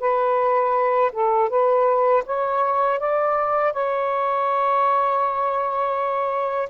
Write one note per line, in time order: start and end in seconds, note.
0.00 1.11 B4
1.12 1.49 A4
1.49 2.23 B4
2.26 2.99 C#5
2.99 3.73 D5
3.73 6.69 C#5